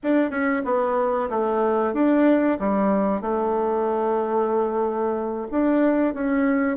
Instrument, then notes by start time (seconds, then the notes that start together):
bassoon
0.03 D4
0.30 C#4
0.64 B3
1.29 A3
1.93 D4
2.59 G3
3.21 A3
5.51 D4
6.13 C#4